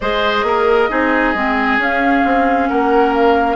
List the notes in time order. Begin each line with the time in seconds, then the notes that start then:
0.00 G#3 G#4 C5 D#5
0.43 A#3 A#4
0.89 C4 D#4 G#4
1.34 G#3 C4
1.78 C#4 F5
2.24 C4
2.68 A#3 A#4 F#5
3.13 F5